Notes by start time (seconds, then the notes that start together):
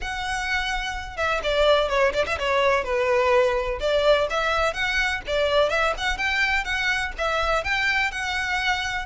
0.01 F#5
1.17 E5
1.43 D5
1.89 C#5
2.13 D5
2.26 E5
2.38 C#5
2.84 B4
3.80 D5
4.30 E5
4.73 F#5
5.26 D5
5.69 E5
5.97 F#5
6.17 G5
6.64 F#5
7.18 E5
7.64 G5
8.11 F#5